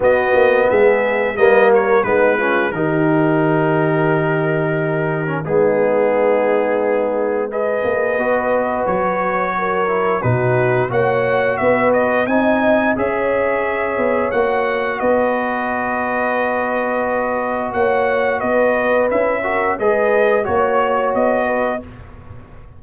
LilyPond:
<<
  \new Staff \with { instrumentName = "trumpet" } { \time 4/4 \tempo 4 = 88 dis''4 e''4 dis''8 cis''8 b'4 | ais'1 | gis'2. dis''4~ | dis''4 cis''2 b'4 |
fis''4 e''8 dis''8 gis''4 e''4~ | e''4 fis''4 dis''2~ | dis''2 fis''4 dis''4 | e''4 dis''4 cis''4 dis''4 | }
  \new Staff \with { instrumentName = "horn" } { \time 4/4 fis'4 gis'4 b'8 ais'8 dis'8 f'8 | g'1 | dis'2. b'4~ | b'2 ais'4 fis'4 |
cis''4 b'4 dis''4 cis''4~ | cis''2 b'2~ | b'2 cis''4 b'4~ | b'8 ais'8 b'4 cis''4. b'8 | }
  \new Staff \with { instrumentName = "trombone" } { \time 4/4 b2 ais4 b8 cis'8 | dis'2.~ dis'8. cis'16 | b2. gis'4 | fis'2~ fis'8 e'8 dis'4 |
fis'2 dis'4 gis'4~ | gis'4 fis'2.~ | fis'1 | e'8 fis'8 gis'4 fis'2 | }
  \new Staff \with { instrumentName = "tuba" } { \time 4/4 b8 ais8 gis4 g4 gis4 | dis1 | gis2.~ gis8 ais8 | b4 fis2 b,4 |
ais4 b4 c'4 cis'4~ | cis'8 b8 ais4 b2~ | b2 ais4 b4 | cis'4 gis4 ais4 b4 | }
>>